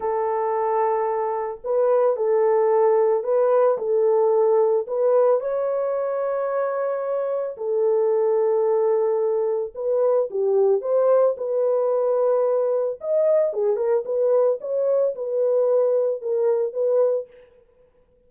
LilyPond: \new Staff \with { instrumentName = "horn" } { \time 4/4 \tempo 4 = 111 a'2. b'4 | a'2 b'4 a'4~ | a'4 b'4 cis''2~ | cis''2 a'2~ |
a'2 b'4 g'4 | c''4 b'2. | dis''4 gis'8 ais'8 b'4 cis''4 | b'2 ais'4 b'4 | }